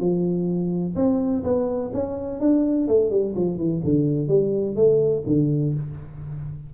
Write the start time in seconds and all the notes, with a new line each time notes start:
0.00 F3
0.96 C4
1.44 B3
1.94 C#4
2.40 D4
2.88 A3
3.11 G3
3.36 F3
3.58 E3
3.85 D3
4.28 G3
4.76 A3
5.27 D3